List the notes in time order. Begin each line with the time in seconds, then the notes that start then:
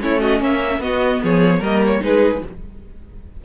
0.00 A3 C#4 E4 C#5
0.20 F#4 D#5
0.40 A#3 C#4 E5
0.79 B3 F#4 D#5
1.23 F3 G#4 C#5
1.59 G3 A#3 A#4 D#5
1.86 C#5
2.01 G#3 D#4 G#4 B4